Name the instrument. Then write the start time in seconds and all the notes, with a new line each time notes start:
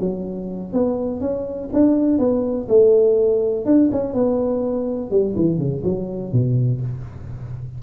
tuba
0.00 F#3
0.73 B3
1.21 C#4
1.73 D4
2.19 B3
2.69 A3
3.65 D4
3.92 C#4
4.14 B3
5.11 G3
5.36 E3
5.58 C#3
5.84 F#3
6.32 B2